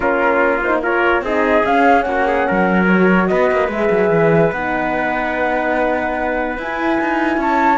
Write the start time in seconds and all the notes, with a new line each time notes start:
0.00 A#3 C#4 F4 A#4
0.61 D#4 C5
0.82 F4 A#4 C#5
1.21 C4 D#4 G#4 D#5
1.63 C#4 F5
2.02 A#3 F#5
2.08 F#4
2.27 G#4
2.47 F#3 A#4
2.86 F#4 C#5
3.27 B3 B4 D#5
3.51 A#3
3.68 G#3 G#4 E5
3.90 F#3
4.10 E3
4.52 B3 D#4 F#5
6.57 E4 G#5
7.01 D#4
7.37 C#4 C#5 A5